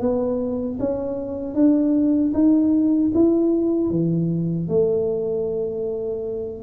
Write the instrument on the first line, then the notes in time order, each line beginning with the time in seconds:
tuba
0.00 B3
0.79 C#4
1.54 D4
2.34 D#4
3.14 E4
3.90 E3
4.68 A3